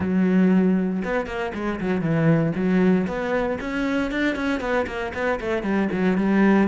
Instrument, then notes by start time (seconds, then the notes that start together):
cello
0.00 F#3
1.04 B3
1.26 A#3
1.54 G#3
1.80 F#3
2.01 E3
2.55 F#3
3.07 B3
3.60 C#4
4.11 D4
4.35 C#4
4.60 B3
4.86 A#3
5.14 B3
5.40 A3
5.62 G3
5.91 F#3
6.17 G3